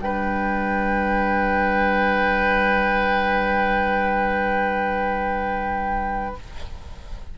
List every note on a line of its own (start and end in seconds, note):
0.00 6.35 G3
0.00 6.35 D4
0.00 6.38 B4
0.00 6.36 G5